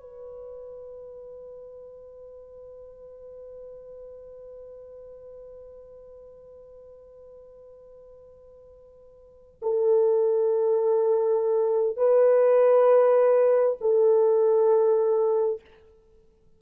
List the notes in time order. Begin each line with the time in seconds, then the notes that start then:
0.00 B4
9.62 A4
11.96 B4
13.80 A4